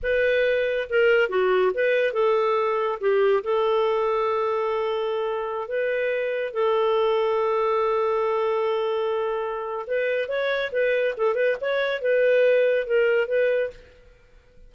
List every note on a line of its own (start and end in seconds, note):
0.02 0.88 B4
0.89 1.29 A#4
1.29 1.72 F#4
1.74 2.13 B4
2.13 2.99 A4
3.00 3.43 G4
3.43 5.68 A4
5.68 6.53 B4
6.53 9.86 A4
9.86 10.28 B4
10.28 10.71 C#5
10.72 11.14 B4
11.17 11.34 A4
11.34 11.56 B4
11.60 12.01 C#5
12.01 12.86 B4
12.86 13.27 A#4
13.27 13.70 B4